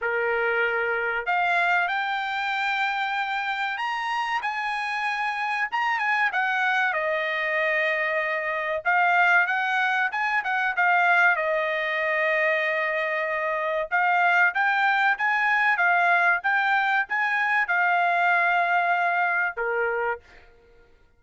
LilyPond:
\new Staff \with { instrumentName = "trumpet" } { \time 4/4 \tempo 4 = 95 ais'2 f''4 g''4~ | g''2 ais''4 gis''4~ | gis''4 ais''8 gis''8 fis''4 dis''4~ | dis''2 f''4 fis''4 |
gis''8 fis''8 f''4 dis''2~ | dis''2 f''4 g''4 | gis''4 f''4 g''4 gis''4 | f''2. ais'4 | }